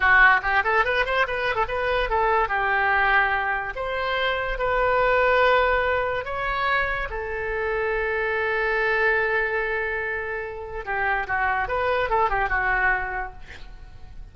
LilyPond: \new Staff \with { instrumentName = "oboe" } { \time 4/4 \tempo 4 = 144 fis'4 g'8 a'8 b'8 c''8 b'8. a'16 | b'4 a'4 g'2~ | g'4 c''2 b'4~ | b'2. cis''4~ |
cis''4 a'2.~ | a'1~ | a'2 g'4 fis'4 | b'4 a'8 g'8 fis'2 | }